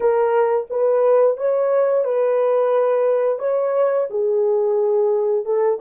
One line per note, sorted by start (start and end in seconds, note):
0.00 0.67 A#4
0.69 1.37 B4
1.37 2.04 C#5
2.04 3.38 B4
3.38 4.07 C#5
4.09 5.45 G#4
5.45 5.79 A4